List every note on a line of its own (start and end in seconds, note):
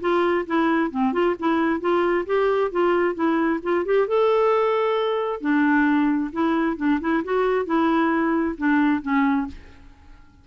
0.00 0.45 F4
0.46 0.90 E4
0.90 1.12 C4
1.12 1.35 F4
1.39 1.80 E4
1.80 2.25 F4
2.26 2.71 G4
2.71 3.14 F4
3.14 3.59 E4
3.63 3.85 F4
3.85 4.07 G4
4.07 5.40 A4
5.40 6.31 D4
6.32 6.76 E4
6.76 6.99 D4
7.00 7.23 E4
7.23 7.65 F#4
7.65 8.55 E4
8.57 9.01 D4
9.01 9.47 C#4